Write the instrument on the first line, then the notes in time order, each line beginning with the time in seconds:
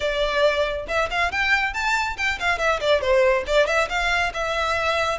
violin
0.00 D5
0.88 E5
1.10 F5
1.31 G5
1.73 A5
2.17 G5
2.39 F5
2.58 E5
2.80 D5
3.01 C5
3.46 D5
3.66 E5
3.89 F5
4.33 E5